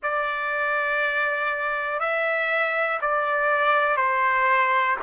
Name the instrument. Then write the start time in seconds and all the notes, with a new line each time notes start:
trumpet
0.02 D5
1.99 E5
3.00 D5
3.96 C5